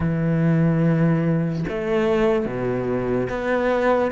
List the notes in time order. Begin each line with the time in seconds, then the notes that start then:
0.00 E3
1.68 A3
2.45 B2
3.29 B3